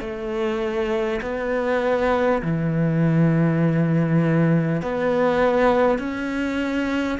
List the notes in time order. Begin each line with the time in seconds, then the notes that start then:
0.00 A3
1.21 B3
2.42 E3
4.82 B3
5.98 C#4